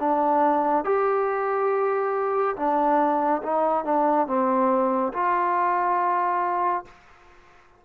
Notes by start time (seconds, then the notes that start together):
0.00 D4
0.84 G4
2.56 D4
3.42 D#4
3.85 D4
4.27 C4
5.13 F4